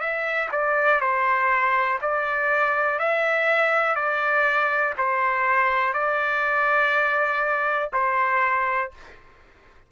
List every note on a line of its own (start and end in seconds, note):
0.00 0.49 E5
0.51 1.01 D5
1.01 1.99 C5
2.01 2.99 D5
2.99 3.95 E5
3.95 4.94 D5
4.98 5.93 C5
5.93 7.90 D5
7.93 8.92 C5